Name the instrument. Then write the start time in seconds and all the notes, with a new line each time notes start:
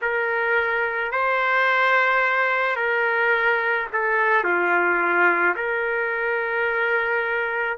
trumpet
0.01 A#4
1.11 C5
2.76 A#4
3.92 A4
4.44 F4
5.56 A#4